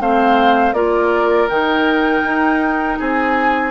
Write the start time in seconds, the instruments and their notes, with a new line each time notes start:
0.00 bassoon A3, clarinet C4, oboe C5, flute F5
0.73 bassoon A#3, clarinet F4, oboe A#4, flute D5
1.49 bassoon D#3, clarinet D#4, flute G5
2.24 bassoon D#4
2.99 bassoon C4, oboe G#4, flute G#5